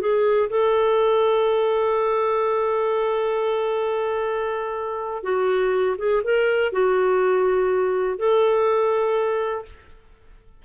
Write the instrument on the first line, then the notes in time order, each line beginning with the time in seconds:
clarinet
0.00 G#4
0.49 A4
5.23 F#4
5.98 G#4
6.23 A#4
6.72 F#4
8.18 A4